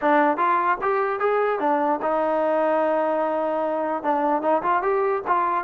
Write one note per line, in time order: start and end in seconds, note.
0.01 0.37 D4
0.37 0.77 F4
0.81 1.19 G4
1.19 1.59 G#4
1.59 2.00 D4
2.01 4.03 D#4
4.03 4.42 D4
4.42 4.62 D#4
4.62 4.82 F4
4.82 5.22 G4
5.27 5.64 F4